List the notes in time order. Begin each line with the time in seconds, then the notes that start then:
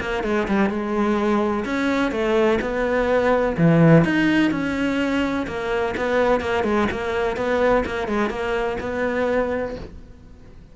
0.00 A#3
0.23 G#3
0.47 G3
0.69 G#3
1.65 C#4
2.11 A3
2.61 B3
3.57 E3
4.04 D#4
4.51 C#4
5.47 A#3
5.97 B3
6.40 A#3
6.63 G#3
6.91 A#3
7.36 B3
7.85 A#3
8.07 G#3
8.30 A#3
8.80 B3